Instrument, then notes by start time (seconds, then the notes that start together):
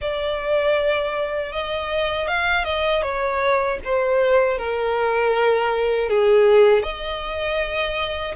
violin
0.01 D5
1.52 D#5
2.28 F5
2.64 D#5
3.02 C#5
3.84 C5
4.57 A#4
6.09 G#4
6.83 D#5